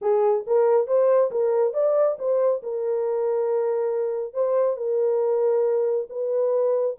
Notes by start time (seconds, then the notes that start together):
0.01 G#4
0.46 A#4
0.87 C5
1.31 A#4
1.73 D5
2.18 C5
2.63 A#4
4.33 C5
4.76 A#4
6.09 B4